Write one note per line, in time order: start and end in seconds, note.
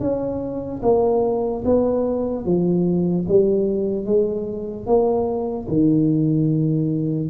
0.00 0.81 C#4
0.83 1.64 A#3
1.65 2.45 B3
2.45 3.26 F3
3.28 4.05 G3
4.05 4.86 G#3
4.86 5.67 A#3
5.68 7.29 D#3